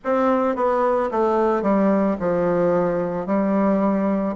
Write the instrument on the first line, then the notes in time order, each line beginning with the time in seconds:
bassoon
0.04 C4
0.55 B3
1.11 A3
1.62 G3
2.19 F3
3.26 G3